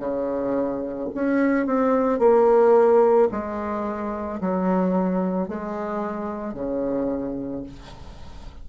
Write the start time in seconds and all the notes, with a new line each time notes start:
0.00 C#3
1.15 C#4
1.67 C4
2.19 A#3
3.32 G#3
4.41 F#3
5.48 G#3
6.54 C#3